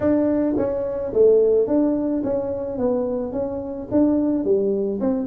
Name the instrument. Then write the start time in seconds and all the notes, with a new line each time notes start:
tuba
0.00 D4
0.57 C#4
1.13 A3
1.67 D4
2.23 C#4
2.78 B3
3.32 C#4
3.91 D4
4.44 G3
5.00 C4